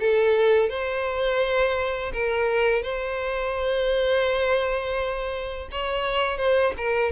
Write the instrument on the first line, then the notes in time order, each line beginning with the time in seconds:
violin
0.00 A4
0.70 C5
2.13 A#4
2.83 C5
5.72 C#5
6.38 C5
6.78 A#4